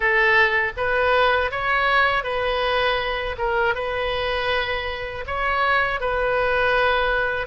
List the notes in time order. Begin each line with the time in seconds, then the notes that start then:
0.00 A4
0.76 B4
1.51 C#5
2.23 B4
3.38 A#4
3.74 B4
5.26 C#5
6.00 B4